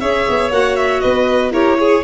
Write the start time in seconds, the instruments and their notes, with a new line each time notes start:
0.00 tuba C#4, clarinet G#4, violin C#5 E5
0.29 tuba B3
0.51 tuba A#3, clarinet F#4, violin F#5
0.76 violin E5
1.00 tuba B3, violin B4 D#5
1.51 tuba E4, clarinet G4, violin A#4 C#5
1.79 violin G#4, clarinet G#4